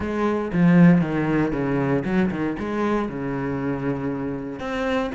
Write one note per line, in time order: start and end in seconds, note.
0.00 0.51 G#3
0.53 1.01 F3
1.01 1.52 D#3
1.52 2.03 C#3
2.04 2.30 F#3
2.31 2.56 D#3
2.59 3.08 G#3
3.08 4.59 C#3
4.59 5.10 C4